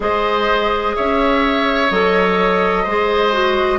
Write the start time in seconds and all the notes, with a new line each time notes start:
0.00 G#3 G#4 C5 D#5
0.95 C#4 C#5 E5
1.90 F#3 A4 D#5
2.83 G#3 G#4 C5
3.32 F#4